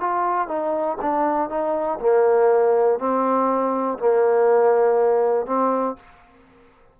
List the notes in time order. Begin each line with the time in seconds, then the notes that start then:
0.00 F4
0.48 D#4
1.01 D4
1.49 D#4
2.00 A#3
2.99 C4
3.98 A#3
5.46 C4